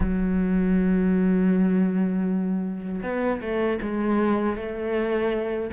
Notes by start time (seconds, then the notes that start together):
0.00 F#3
3.02 B3
3.41 A3
3.82 G#3
4.56 A3